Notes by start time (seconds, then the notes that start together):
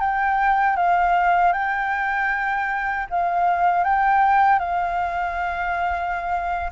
0.00 G5
0.77 F5
1.53 G5
3.10 F5
3.84 G5
4.59 F5